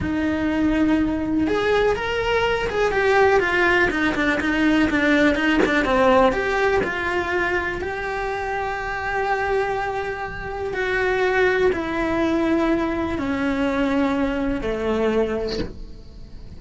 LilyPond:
\new Staff \with { instrumentName = "cello" } { \time 4/4 \tempo 4 = 123 dis'2. gis'4 | ais'4. gis'8 g'4 f'4 | dis'8 d'8 dis'4 d'4 dis'8 d'8 | c'4 g'4 f'2 |
g'1~ | g'2 fis'2 | e'2. cis'4~ | cis'2 a2 | }